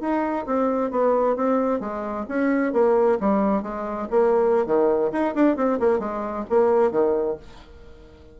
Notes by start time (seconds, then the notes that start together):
0.00 D#4
0.45 C4
0.90 B3
1.36 C4
1.80 G#3
2.28 C#4
2.73 A#3
3.20 G3
3.62 G#3
4.10 A#3
4.66 D#3
5.12 D#4
5.35 D4
5.56 C4
5.79 A#3
5.99 G#3
6.49 A#3
6.91 D#3